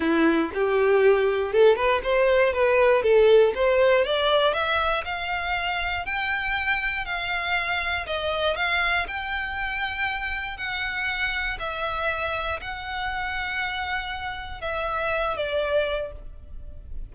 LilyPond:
\new Staff \with { instrumentName = "violin" } { \time 4/4 \tempo 4 = 119 e'4 g'2 a'8 b'8 | c''4 b'4 a'4 c''4 | d''4 e''4 f''2 | g''2 f''2 |
dis''4 f''4 g''2~ | g''4 fis''2 e''4~ | e''4 fis''2.~ | fis''4 e''4. d''4. | }